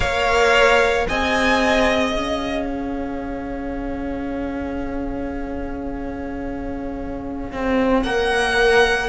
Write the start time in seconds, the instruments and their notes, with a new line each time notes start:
0.00 cello A#3, viola A#4, violin C#5 F5
1.06 cello C4, viola G#4, violin D#5 G#5
2.15 cello C#4, violin F5
2.65 violin C#5
7.52 cello C4
8.02 cello A#3, viola A#4, violin F#5